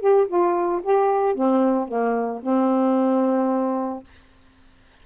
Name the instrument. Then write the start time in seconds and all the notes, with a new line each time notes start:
saxophone
0.00 G4
0.28 F4
0.84 G4
1.35 C4
1.88 A#3
2.43 C4